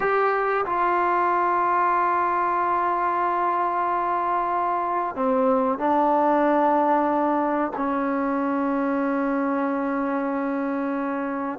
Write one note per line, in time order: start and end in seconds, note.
0.00 0.65 G4
0.65 5.15 F4
5.15 5.78 C4
5.78 7.72 D4
7.76 11.59 C#4